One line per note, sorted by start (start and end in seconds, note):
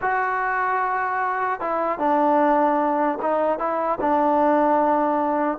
0.01 1.60 F#4
1.60 1.98 E4
1.98 3.18 D4
3.22 3.58 D#4
3.58 3.98 E4
4.01 5.58 D4